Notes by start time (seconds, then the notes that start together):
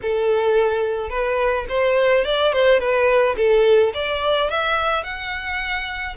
0.02 A4
1.09 B4
1.68 C5
2.24 D5
2.52 C5
2.79 B4
3.36 A4
3.94 D5
4.50 E5
5.03 F#5